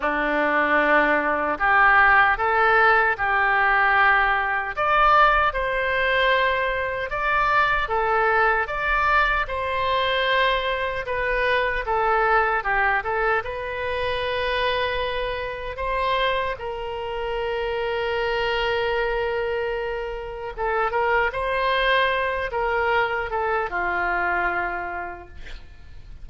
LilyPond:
\new Staff \with { instrumentName = "oboe" } { \time 4/4 \tempo 4 = 76 d'2 g'4 a'4 | g'2 d''4 c''4~ | c''4 d''4 a'4 d''4 | c''2 b'4 a'4 |
g'8 a'8 b'2. | c''4 ais'2.~ | ais'2 a'8 ais'8 c''4~ | c''8 ais'4 a'8 f'2 | }